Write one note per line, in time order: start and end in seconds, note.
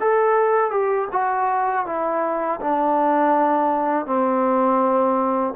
0.00 0.70 A4
0.70 1.07 G4
1.11 1.86 F#4
1.86 2.60 E4
2.60 4.05 D4
4.05 5.54 C4